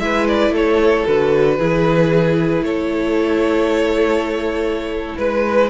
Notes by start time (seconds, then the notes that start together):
0.00 G#3 E4 B4 E5
0.28 D5
0.50 A3 A4 C#5
1.07 D3 F#4 B4
1.58 E3 E4 G#4
2.62 A3 A4 C#5
5.18 G#3 B4